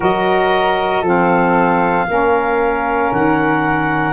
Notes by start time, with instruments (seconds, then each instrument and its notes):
0.00 tuba F#3, saxophone F#4, flute A#4, clarinet D#5
1.01 tuba F3, saxophone C4, flute A4
1.08 clarinet F5
2.07 tuba A#3, saxophone C#4, flute A#4
3.11 tuba D#3, clarinet F#5